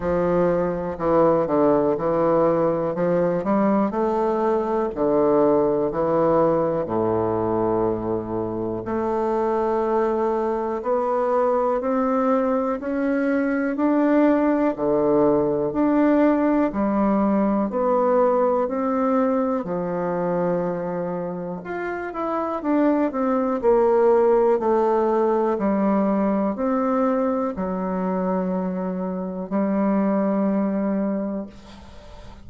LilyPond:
\new Staff \with { instrumentName = "bassoon" } { \time 4/4 \tempo 4 = 61 f4 e8 d8 e4 f8 g8 | a4 d4 e4 a,4~ | a,4 a2 b4 | c'4 cis'4 d'4 d4 |
d'4 g4 b4 c'4 | f2 f'8 e'8 d'8 c'8 | ais4 a4 g4 c'4 | fis2 g2 | }